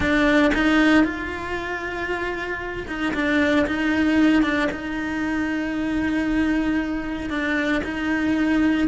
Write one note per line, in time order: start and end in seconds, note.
0.00 0.51 D4
0.54 1.04 D#4
1.04 2.86 F4
2.87 3.13 D#4
3.14 3.66 D4
3.66 4.43 D#4
4.43 4.69 D4
4.71 7.29 D#4
7.29 7.82 D4
7.84 8.88 D#4